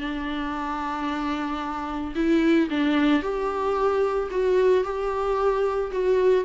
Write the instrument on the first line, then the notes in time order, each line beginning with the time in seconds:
viola
0.00 D4
2.16 E4
2.70 D4
3.22 G4
4.31 F#4
4.84 G4
5.92 F#4